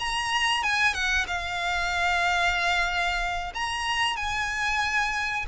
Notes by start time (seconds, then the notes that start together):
0.00 A#5
0.64 G#5
0.94 F#5
1.28 F5
3.55 A#5
4.17 G#5